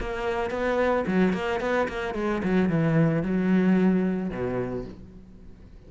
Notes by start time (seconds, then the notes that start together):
0.00 A#3
0.50 B3
1.07 F#3
1.33 A#3
1.60 B3
1.88 A#3
2.14 G#3
2.44 F#3
2.69 E3
3.23 F#3
4.30 B2